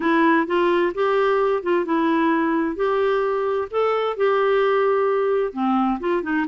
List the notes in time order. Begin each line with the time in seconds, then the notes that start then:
0.00 E4
0.46 F4
0.94 G4
1.62 F4
1.85 E4
2.76 G4
3.70 A4
4.16 G4
5.53 C4
6.00 F4
6.23 D#4